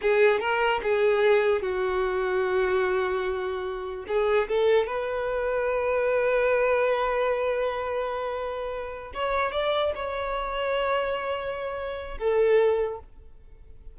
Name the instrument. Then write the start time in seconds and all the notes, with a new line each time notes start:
violin
0.01 G#4
0.40 A#4
0.82 G#4
1.61 F#4
4.07 G#4
4.48 A4
4.86 B4
9.14 C#5
9.52 D5
9.95 C#5
12.18 A4